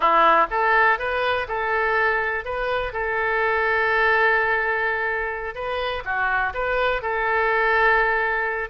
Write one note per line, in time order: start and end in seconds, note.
0.00 0.46 E4
0.50 0.98 A4
0.98 1.47 B4
1.48 2.44 A4
2.45 2.93 B4
2.93 5.54 A4
5.54 6.03 B4
6.04 6.53 F#4
6.54 7.01 B4
7.01 8.69 A4